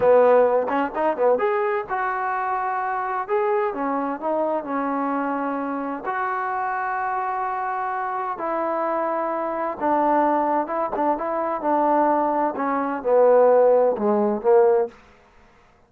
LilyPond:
\new Staff \with { instrumentName = "trombone" } { \time 4/4 \tempo 4 = 129 b4. cis'8 dis'8 b8 gis'4 | fis'2. gis'4 | cis'4 dis'4 cis'2~ | cis'4 fis'2.~ |
fis'2 e'2~ | e'4 d'2 e'8 d'8 | e'4 d'2 cis'4 | b2 gis4 ais4 | }